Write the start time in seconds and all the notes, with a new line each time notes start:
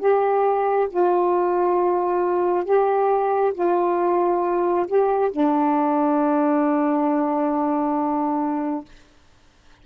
0.00 G4
0.90 F4
2.65 G4
3.55 F4
4.88 G4
5.32 D4